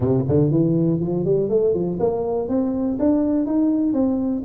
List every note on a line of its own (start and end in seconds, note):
0.00 0.24 C3
0.28 0.50 D3
0.50 1.00 E3
1.00 1.24 F3
1.25 1.49 G3
1.49 1.74 A3
1.74 1.98 F3
1.99 2.48 A#3
2.48 2.98 C4
2.99 3.46 D4
3.46 3.93 D#4
3.93 4.42 C4